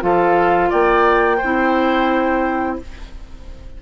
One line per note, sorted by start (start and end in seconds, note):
0.00 0.71 F3
0.00 1.38 F4
0.00 0.70 A4
0.00 0.71 F5
0.70 1.41 A#3
0.70 1.37 D5
0.70 2.79 G5
1.37 2.75 C5
1.44 2.82 C4
1.44 2.82 E4